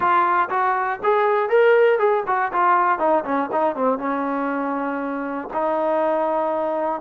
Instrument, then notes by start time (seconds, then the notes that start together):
trombone
0.00 F4
0.49 F#4
1.02 G#4
1.49 A#4
1.98 G#4
2.27 F#4
2.52 F4
2.98 D#4
3.24 C#4
3.52 D#4
3.75 C4
3.98 C#4
5.53 D#4